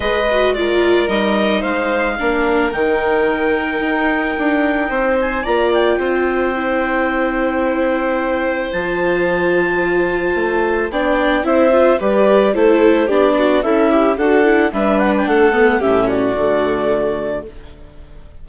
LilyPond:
<<
  \new Staff \with { instrumentName = "clarinet" } { \time 4/4 \tempo 4 = 110 dis''4 d''4 dis''4 f''4~ | f''4 g''2.~ | g''4. gis''8 ais''8 g''4.~ | g''1 |
a''1 | g''4 e''4 d''4 c''4 | d''4 e''4 fis''4 e''8 fis''16 g''16 | fis''4 e''8 d''2~ d''8 | }
  \new Staff \with { instrumentName = "violin" } { \time 4/4 b'4 ais'2 c''4 | ais'1~ | ais'4 c''4 d''4 c''4~ | c''1~ |
c''1 | d''4 c''4 b'4 a'4 | g'8 fis'8 e'4 a'4 b'4 | a'4 g'8 fis'2~ fis'8 | }
  \new Staff \with { instrumentName = "viola" } { \time 4/4 gis'8 fis'8 f'4 dis'2 | d'4 dis'2.~ | dis'2 f'2 | e'1 |
f'1 | d'4 e'8 f'8 g'4 e'4 | d'4 a'8 g'8 fis'8 e'8 d'4~ | d'8 b8 cis'4 a2 | }
  \new Staff \with { instrumentName = "bassoon" } { \time 4/4 gis2 g4 gis4 | ais4 dis2 dis'4 | d'4 c'4 ais4 c'4~ | c'1 |
f2. a4 | b4 c'4 g4 a4 | b4 cis'4 d'4 g4 | a4 a,4 d2 | }
>>